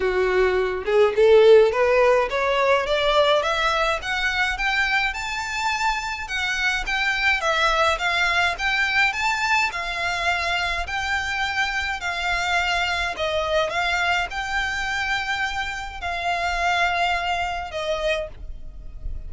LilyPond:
\new Staff \with { instrumentName = "violin" } { \time 4/4 \tempo 4 = 105 fis'4. gis'8 a'4 b'4 | cis''4 d''4 e''4 fis''4 | g''4 a''2 fis''4 | g''4 e''4 f''4 g''4 |
a''4 f''2 g''4~ | g''4 f''2 dis''4 | f''4 g''2. | f''2. dis''4 | }